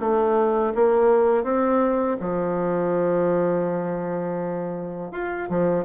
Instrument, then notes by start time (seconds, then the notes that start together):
bassoon
0.00 A3
0.75 A#3
1.44 C4
2.20 F3
5.12 F4
5.50 F3